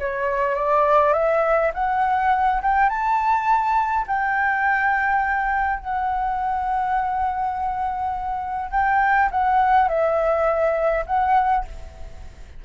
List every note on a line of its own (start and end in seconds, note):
0.00 0.56 C#5
0.56 1.14 D5
1.14 1.72 E5
1.74 2.62 F#5
2.62 2.89 G5
2.89 4.06 A5
4.08 5.80 G5
5.80 8.71 F#5
8.71 9.30 G5
9.32 9.89 F#5
9.89 11.05 E5
11.07 11.65 F#5